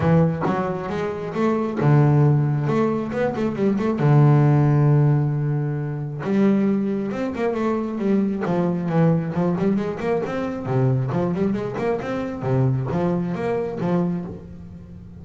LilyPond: \new Staff \with { instrumentName = "double bass" } { \time 4/4 \tempo 4 = 135 e4 fis4 gis4 a4 | d2 a4 b8 a8 | g8 a8 d2.~ | d2 g2 |
c'8 ais8 a4 g4 f4 | e4 f8 g8 gis8 ais8 c'4 | c4 f8 g8 gis8 ais8 c'4 | c4 f4 ais4 f4 | }